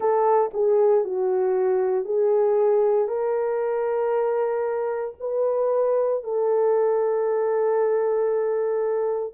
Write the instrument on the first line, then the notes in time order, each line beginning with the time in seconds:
horn
0.00 A4
0.53 G#4
1.04 F#4
2.05 G#4
3.08 A#4
5.20 B4
6.24 A4